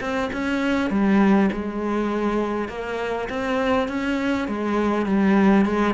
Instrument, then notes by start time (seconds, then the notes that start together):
cello
0.00 C4
0.32 C#4
0.90 G3
1.52 G#3
2.69 A#3
3.29 C4
3.88 C#4
4.47 G#3
5.06 G3
5.65 G#3